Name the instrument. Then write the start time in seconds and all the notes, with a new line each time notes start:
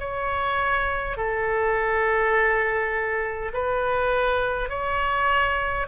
oboe
0.00 C#5
1.18 A4
3.54 B4
4.70 C#5